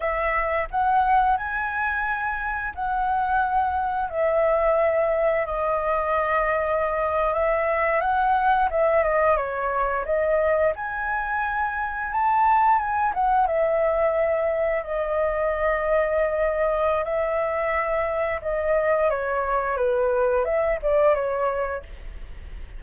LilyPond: \new Staff \with { instrumentName = "flute" } { \time 4/4 \tempo 4 = 88 e''4 fis''4 gis''2 | fis''2 e''2 | dis''2~ dis''8. e''4 fis''16~ | fis''8. e''8 dis''8 cis''4 dis''4 gis''16~ |
gis''4.~ gis''16 a''4 gis''8 fis''8 e''16~ | e''4.~ e''16 dis''2~ dis''16~ | dis''4 e''2 dis''4 | cis''4 b'4 e''8 d''8 cis''4 | }